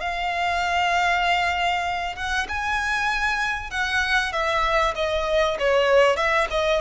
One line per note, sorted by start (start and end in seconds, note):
0.00 2.16 F5
2.16 2.46 F#5
2.48 3.70 G#5
3.70 4.32 F#5
4.32 4.94 E5
4.95 5.57 D#5
5.59 6.16 C#5
6.16 6.47 E5
6.50 6.81 D#5